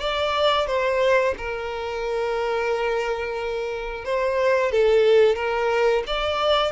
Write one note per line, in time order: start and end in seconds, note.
0.00 0.67 D5
0.67 1.34 C5
1.38 4.05 A#4
4.05 4.72 C5
4.72 5.36 A4
5.36 6.03 A#4
6.07 6.72 D5